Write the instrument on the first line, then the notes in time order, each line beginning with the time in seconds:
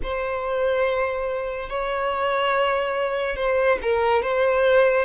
violin
0.02 C5
1.69 C#5
3.36 C5
3.81 A#4
4.22 C5